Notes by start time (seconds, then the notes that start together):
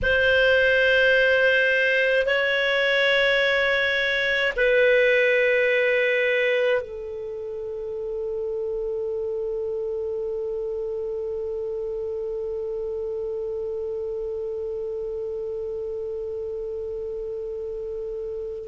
0.02 C5
2.26 C#5
4.56 B4
6.81 A4